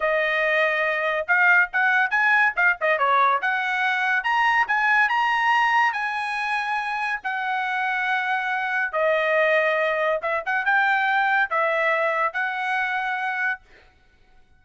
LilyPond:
\new Staff \with { instrumentName = "trumpet" } { \time 4/4 \tempo 4 = 141 dis''2. f''4 | fis''4 gis''4 f''8 dis''8 cis''4 | fis''2 ais''4 gis''4 | ais''2 gis''2~ |
gis''4 fis''2.~ | fis''4 dis''2. | e''8 fis''8 g''2 e''4~ | e''4 fis''2. | }